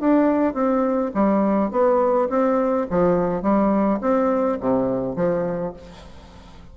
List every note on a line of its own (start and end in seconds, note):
0.00 0.53 D4
0.53 1.11 C4
1.14 1.71 G3
1.71 2.28 B3
2.29 2.87 C4
2.90 3.42 F3
3.42 4.00 G3
4.01 4.58 C4
4.60 5.16 C3
5.16 5.73 F3